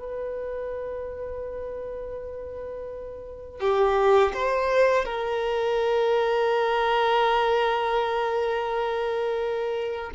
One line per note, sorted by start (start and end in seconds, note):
0.00 3.60 B4
3.60 4.33 G4
4.34 5.05 C5
5.05 10.11 A#4